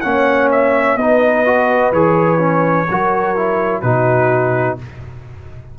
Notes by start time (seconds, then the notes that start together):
0.00 A#3 C#4 C#5 F#5
0.51 E5
0.95 B3 D#4 B4 D#5
1.45 F#4
1.91 E3 G#4 C#5
2.38 C#4
2.89 F#3 F#4 A#4
3.36 E4
3.81 B2 D#4 F#4 B4